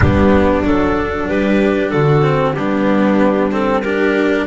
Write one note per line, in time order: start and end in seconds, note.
0.00 0.64 G3
0.00 0.63 B3
0.00 1.26 D4
0.00 0.65 G4
0.64 1.28 F#3
0.64 2.22 D4
0.64 1.28 A4
1.28 1.93 G3
1.28 1.92 G4
1.28 1.90 B4
1.90 2.55 D3
1.90 2.56 F#4
1.90 2.54 A4
2.22 2.53 C4
2.54 4.46 G3
2.54 3.51 B3
2.54 3.82 D4
2.54 3.49 G4
3.51 3.83 C4
3.51 3.82 A4
3.82 4.46 D4
3.82 4.46 G4
3.82 4.46 A#4